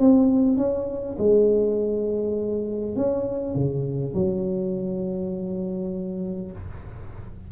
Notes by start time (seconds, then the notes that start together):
0.00 C4
0.58 C#4
1.19 G#3
2.96 C#4
3.55 C#3
4.14 F#3